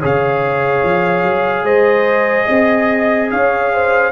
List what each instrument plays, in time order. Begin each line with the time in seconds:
0.00 tuba C#3, trombone G#4, horn C#5, trumpet F5
0.83 tuba F3
1.22 tuba F#3
1.63 tuba G#3, horn C5, trumpet D#5
2.45 tuba C4, horn D#5
3.31 tuba C#4, horn C#5, trumpet F5
3.73 horn C5